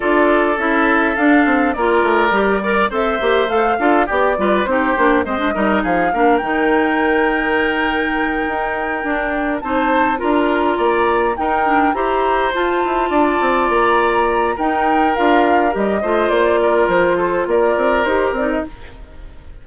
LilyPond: <<
  \new Staff \with { instrumentName = "flute" } { \time 4/4 \tempo 4 = 103 d''4 e''4 f''4 d''4~ | d''4 e''4 f''4 d''4 | c''4 dis''4 f''4 g''4~ | g''1~ |
g''8 a''4 ais''2 g''8~ | g''8 ais''4 a''2 ais''8~ | ais''4 g''4 f''4 dis''4 | d''4 c''4 d''4 c''8 d''16 dis''16 | }
  \new Staff \with { instrumentName = "oboe" } { \time 4/4 a'2. ais'4~ | ais'8 d''8 c''4. a'8 g'8 b'8 | g'4 c''8 ais'8 gis'8 ais'4.~ | ais'1~ |
ais'8 c''4 ais'4 d''4 ais'8~ | ais'8 c''2 d''4.~ | d''4 ais'2~ ais'8 c''8~ | c''8 ais'4 a'8 ais'2 | }
  \new Staff \with { instrumentName = "clarinet" } { \time 4/4 f'4 e'4 d'4 f'4 | g'8 ais'8 a'8 g'8 a'8 f'8 g'8 f'8 | dis'8 d'8 c'16 d'16 dis'4 d'8 dis'4~ | dis'2.~ dis'8 d'8~ |
d'8 dis'4 f'2 dis'8 | d'8 g'4 f'2~ f'8~ | f'4 dis'4 f'4 g'8 f'8~ | f'2. g'8 dis'8 | }
  \new Staff \with { instrumentName = "bassoon" } { \time 4/4 d'4 cis'4 d'8 c'8 ais8 a8 | g4 c'8 ais8 a8 d'8 b8 g8 | c'8 ais8 gis8 g8 f8 ais8 dis4~ | dis2~ dis8 dis'4 d'8~ |
d'8 c'4 d'4 ais4 dis'8~ | dis'8 e'4 f'8 e'8 d'8 c'8 ais8~ | ais4 dis'4 d'4 g8 a8 | ais4 f4 ais8 c'8 dis'8 c'8 | }
>>